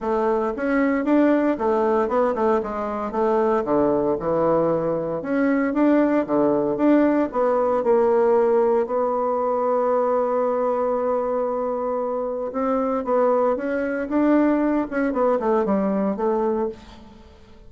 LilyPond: \new Staff \with { instrumentName = "bassoon" } { \time 4/4 \tempo 4 = 115 a4 cis'4 d'4 a4 | b8 a8 gis4 a4 d4 | e2 cis'4 d'4 | d4 d'4 b4 ais4~ |
ais4 b2.~ | b1 | c'4 b4 cis'4 d'4~ | d'8 cis'8 b8 a8 g4 a4 | }